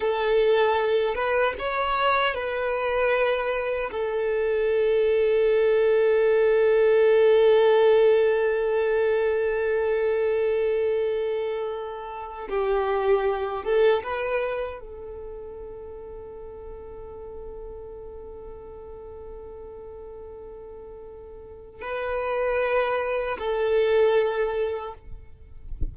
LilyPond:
\new Staff \with { instrumentName = "violin" } { \time 4/4 \tempo 4 = 77 a'4. b'8 cis''4 b'4~ | b'4 a'2.~ | a'1~ | a'1 |
g'4. a'8 b'4 a'4~ | a'1~ | a'1 | b'2 a'2 | }